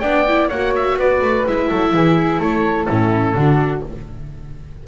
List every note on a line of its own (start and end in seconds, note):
0.00 0.50 B3
0.00 0.27 D4
0.00 0.49 D5
0.00 0.48 G5
0.28 0.52 E4
0.49 0.96 A#3
0.49 1.48 F#4
0.49 0.96 C#5
0.49 0.73 F#5
0.75 0.99 E5
0.96 1.20 B3
0.96 1.69 B4
0.96 1.47 D5
1.21 1.45 A3
1.47 1.71 G#3
1.47 2.88 E4
1.47 2.41 E5
1.69 1.94 F#3
1.69 1.92 A4
1.94 2.40 E3
1.94 2.40 G#4
2.40 2.87 A3
2.40 2.87 A4
2.40 2.85 C#5
2.85 3.35 A2
2.85 3.35 C#4
2.85 3.34 E4
2.85 3.80 A4
3.35 3.82 D3
3.35 3.88 D4
3.35 3.84 F#4